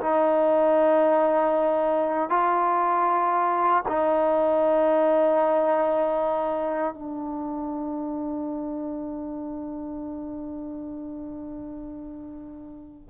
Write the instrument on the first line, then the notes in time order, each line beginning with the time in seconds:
trombone
0.00 D#4
2.29 F4
3.88 D#4
6.94 D4